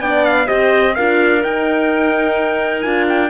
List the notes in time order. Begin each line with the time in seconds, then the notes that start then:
0.00 B3 D4 D5 G5
0.25 F5
0.46 C4 G4 C5 D#5
0.95 D4 F4 A#4 F5
1.41 D#4 G5
2.81 D4 F4 G#5
3.08 G5